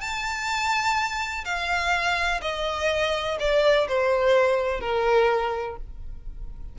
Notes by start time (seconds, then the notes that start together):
0.00 A5
1.44 F5
2.41 D#5
3.39 D5
3.88 C5
4.80 A#4